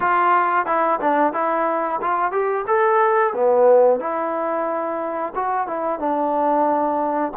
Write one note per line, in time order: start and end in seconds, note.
0.00 0.66 F4
0.66 0.99 E4
1.01 1.33 D4
1.33 1.99 E4
2.01 2.32 F4
2.32 2.65 G4
2.67 3.33 A4
3.33 4.00 B3
4.00 5.33 E4
5.35 5.67 F#4
5.67 5.99 E4
5.99 7.32 D4